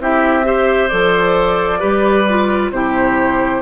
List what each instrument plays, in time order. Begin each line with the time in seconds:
0.00 bassoon C4, clarinet E4, oboe G4, flute E5
0.44 clarinet G4, oboe C5
0.89 bassoon F3, clarinet A4, flute D5
1.79 bassoon G3, clarinet G4, oboe B4
2.29 clarinet F4
2.72 bassoon C3, clarinet E4, oboe G4, flute C5